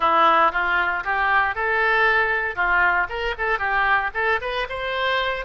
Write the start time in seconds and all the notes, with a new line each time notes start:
0.00 E4
0.51 F4
1.04 G4
1.55 A4
2.55 F4
3.09 A#4
3.38 A4
3.59 G4
4.14 A4
4.41 B4
4.69 C5